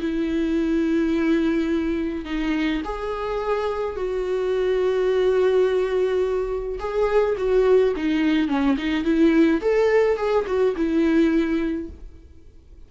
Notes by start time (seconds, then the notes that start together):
0.00 E4
2.25 D#4
2.85 G#4
3.96 F#4
6.79 G#4
7.37 F#4
7.96 D#4
8.48 C#4
8.77 D#4
9.04 E4
9.61 A4
10.17 G#4
10.47 F#4
10.76 E4